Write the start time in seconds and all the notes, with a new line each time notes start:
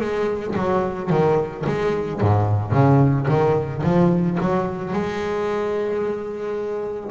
0.00 G#3
0.56 F#3
1.10 D#3
1.66 G#3
2.21 G#2
2.72 C#3
3.28 D#3
3.83 F3
4.40 F#3
4.93 G#3